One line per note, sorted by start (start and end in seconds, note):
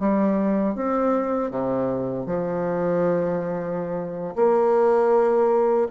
0.00 0.76 G3
0.76 1.51 C4
1.51 2.26 C3
2.26 4.35 F3
4.36 5.88 A#3